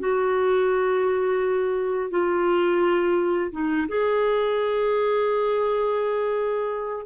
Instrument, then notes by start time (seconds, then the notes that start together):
clarinet
0.00 F#4
2.10 F4
3.52 D#4
3.89 G#4